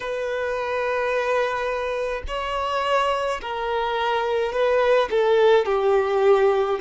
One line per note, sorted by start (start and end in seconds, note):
0.00 2.22 B4
2.27 3.41 C#5
3.41 4.52 A#4
4.52 5.08 B4
5.10 5.65 A4
5.65 6.78 G4